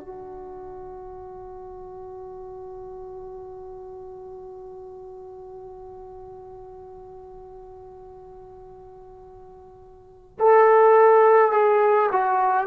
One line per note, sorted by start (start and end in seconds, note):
0.00 10.38 F#4
10.39 11.52 A4
11.52 12.09 G#4
12.12 12.67 F#4